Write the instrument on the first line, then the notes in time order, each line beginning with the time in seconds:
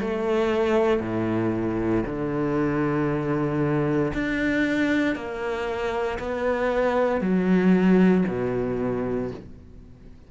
cello
0.00 A3
1.00 A2
2.05 D3
4.13 D4
5.15 A#3
6.19 B3
7.21 F#3
8.27 B2